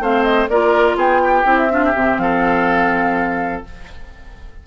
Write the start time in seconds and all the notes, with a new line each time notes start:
0.00 A3 C4 C5 F5
0.23 D#5
0.49 A#3 F4 A#4 D5
0.95 B3 G#4 G5
1.24 G4
1.45 C4 E4
1.58 E5
1.69 D4 F4
1.85 G4
1.95 C3 C4
2.18 F3 A4 F5